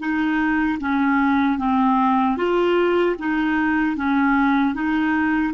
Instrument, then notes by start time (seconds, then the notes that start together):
clarinet
0.00 D#4
0.81 C#4
1.59 C4
2.38 F4
3.19 D#4
3.97 C#4
4.75 D#4